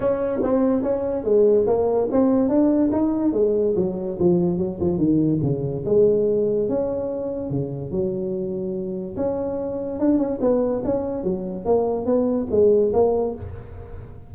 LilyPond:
\new Staff \with { instrumentName = "tuba" } { \time 4/4 \tempo 4 = 144 cis'4 c'4 cis'4 gis4 | ais4 c'4 d'4 dis'4 | gis4 fis4 f4 fis8 f8 | dis4 cis4 gis2 |
cis'2 cis4 fis4~ | fis2 cis'2 | d'8 cis'8 b4 cis'4 fis4 | ais4 b4 gis4 ais4 | }